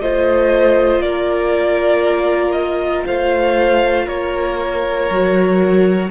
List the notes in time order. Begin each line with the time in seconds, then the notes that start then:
0.00 A3 F4 C5 D#5
1.00 A#3 A#4 D5
2.51 D#5
3.05 A3 C5 F5
4.05 A#3 A#4 C#5
5.10 F#3 F#4